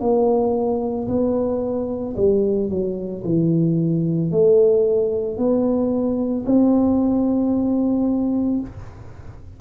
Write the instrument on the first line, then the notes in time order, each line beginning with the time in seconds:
tuba
0.00 A#3
1.08 B3
2.16 G3
2.69 F#3
3.24 E3
4.31 A3
5.37 B3
6.45 C4